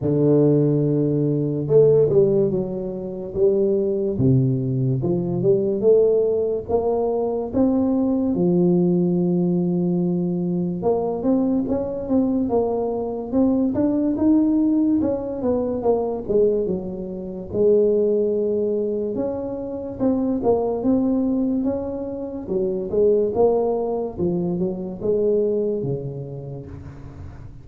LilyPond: \new Staff \with { instrumentName = "tuba" } { \time 4/4 \tempo 4 = 72 d2 a8 g8 fis4 | g4 c4 f8 g8 a4 | ais4 c'4 f2~ | f4 ais8 c'8 cis'8 c'8 ais4 |
c'8 d'8 dis'4 cis'8 b8 ais8 gis8 | fis4 gis2 cis'4 | c'8 ais8 c'4 cis'4 fis8 gis8 | ais4 f8 fis8 gis4 cis4 | }